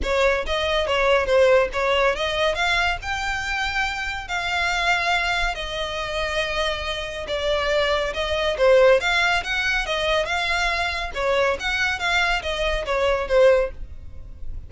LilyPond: \new Staff \with { instrumentName = "violin" } { \time 4/4 \tempo 4 = 140 cis''4 dis''4 cis''4 c''4 | cis''4 dis''4 f''4 g''4~ | g''2 f''2~ | f''4 dis''2.~ |
dis''4 d''2 dis''4 | c''4 f''4 fis''4 dis''4 | f''2 cis''4 fis''4 | f''4 dis''4 cis''4 c''4 | }